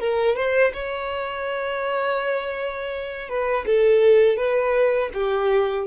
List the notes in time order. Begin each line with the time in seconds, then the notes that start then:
0.00 A#4
0.36 C5
0.74 C#5
3.29 B4
3.67 A4
4.37 B4
5.14 G4